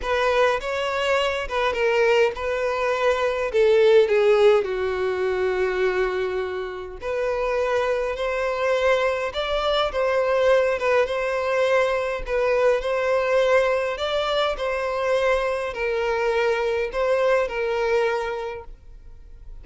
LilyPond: \new Staff \with { instrumentName = "violin" } { \time 4/4 \tempo 4 = 103 b'4 cis''4. b'8 ais'4 | b'2 a'4 gis'4 | fis'1 | b'2 c''2 |
d''4 c''4. b'8 c''4~ | c''4 b'4 c''2 | d''4 c''2 ais'4~ | ais'4 c''4 ais'2 | }